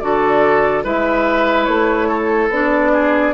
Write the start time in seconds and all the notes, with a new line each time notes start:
0.00 D3 F#4 A4 D5
0.83 G#3 E4 B4 E5
1.64 A3 C#5
2.08 A4
2.49 B3 D4 D5
2.93 G#4